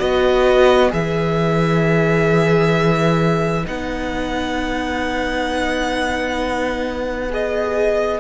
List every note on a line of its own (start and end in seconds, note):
0.00 0.92 B3
0.00 0.90 F#4
0.00 8.20 B4
0.00 0.91 D#5
0.90 3.66 E3
0.90 3.63 G#4
0.90 3.66 E5
3.65 8.20 B3
3.65 7.29 D#4
3.65 7.32 F#5
7.30 8.20 G#4
7.30 8.20 D#5